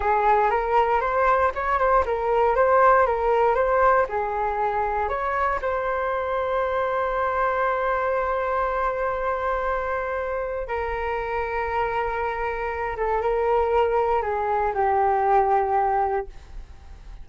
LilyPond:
\new Staff \with { instrumentName = "flute" } { \time 4/4 \tempo 4 = 118 gis'4 ais'4 c''4 cis''8 c''8 | ais'4 c''4 ais'4 c''4 | gis'2 cis''4 c''4~ | c''1~ |
c''1~ | c''4 ais'2.~ | ais'4. a'8 ais'2 | gis'4 g'2. | }